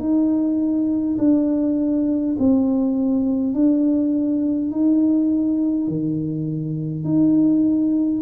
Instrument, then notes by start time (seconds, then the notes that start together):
tuba
0.00 D#4
1.19 D4
2.39 C4
3.54 D4
4.72 D#4
5.88 D#3
7.04 D#4